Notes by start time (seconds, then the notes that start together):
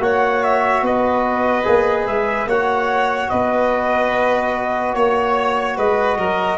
0.00 A#3 F#4 C#5 F#5
0.44 E5
0.82 B3 B4 D#5
1.64 A#3 G#4
2.07 G#3 E5
2.47 A#3 F#4 C#5 F#5
3.30 B3 B4 D#5
4.94 A#3 C#5
5.77 G#3 B4 D#5
6.18 F#3 A#4